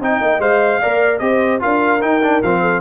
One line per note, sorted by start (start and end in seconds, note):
0.00 0.20 C4
0.00 0.40 D#4
0.00 0.81 D#5
0.00 0.41 G5
0.21 0.39 A#3
0.39 0.79 G#3
0.39 0.81 C5
0.39 1.19 F5
0.81 1.20 A#3
0.81 1.20 A#4
0.81 1.21 D5
1.19 1.61 C4
1.19 1.60 G4
1.19 1.62 C5
1.19 1.59 D#5
1.60 2.02 D4
1.60 2.00 F4
1.60 2.61 A#4
1.60 2.02 F5
2.01 2.21 D#4
2.01 2.42 D#4
2.01 2.42 G5
2.23 2.43 D4
2.43 2.80 F3
2.43 2.80 C4
2.43 2.80 F5
2.61 2.80 A4